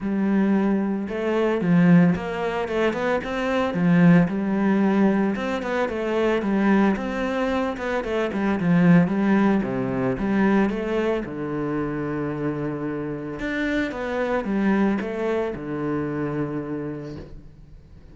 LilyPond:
\new Staff \with { instrumentName = "cello" } { \time 4/4 \tempo 4 = 112 g2 a4 f4 | ais4 a8 b8 c'4 f4 | g2 c'8 b8 a4 | g4 c'4. b8 a8 g8 |
f4 g4 c4 g4 | a4 d2.~ | d4 d'4 b4 g4 | a4 d2. | }